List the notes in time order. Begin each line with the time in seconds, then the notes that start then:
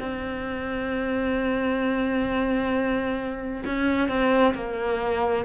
0.00 C4
3.66 C#4
4.09 C4
4.55 A#3